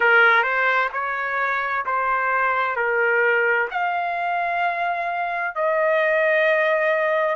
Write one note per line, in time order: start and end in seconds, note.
0.00 0.43 A#4
0.43 0.89 C5
0.92 1.85 C#5
1.85 2.76 C5
2.76 3.68 A#4
3.70 5.55 F5
5.55 7.35 D#5